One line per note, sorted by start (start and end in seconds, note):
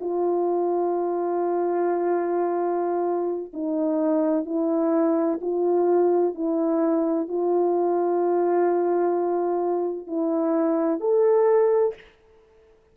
0.00 3.52 F4
3.53 4.45 D#4
4.45 5.39 E4
5.41 6.35 F4
6.35 7.28 E4
7.28 10.07 F4
10.07 11.00 E4
11.00 11.94 A4